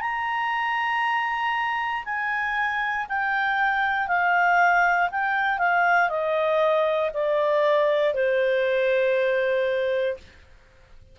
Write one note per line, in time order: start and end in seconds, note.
0.00 2.03 A#5
2.04 3.06 G#5
3.08 4.07 G5
4.07 5.09 F5
5.11 5.58 G5
5.58 6.09 F5
6.09 7.10 D#5
7.13 8.14 D5
8.14 10.17 C5